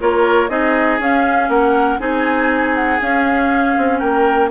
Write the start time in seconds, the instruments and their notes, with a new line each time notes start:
0.00 bassoon A#3, clarinet F4, oboe A#4, flute C#5
0.49 bassoon C4, clarinet D#4, oboe G#4, flute D#5
0.99 bassoon C#4, clarinet C#4, flute F5
1.49 bassoon A#3, oboe A#4, flute F#5
1.99 bassoon C4, clarinet D#4, oboe G#4, flute G#5
2.75 flute F#5
3.01 clarinet C#4, bassoon C#4, flute F5
3.78 bassoon C4
3.99 bassoon A#3, oboe A#4, flute G5